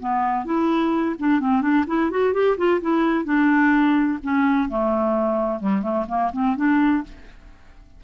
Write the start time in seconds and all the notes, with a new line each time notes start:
0.00 B3
0.45 E4
1.19 D4
1.40 C4
1.61 D4
1.87 E4
2.11 F#4
2.33 G4
2.57 F4
2.81 E4
3.25 D4
4.23 C#4
4.69 A3
5.60 G3
5.82 A3
6.08 A#3
6.33 C4
6.56 D4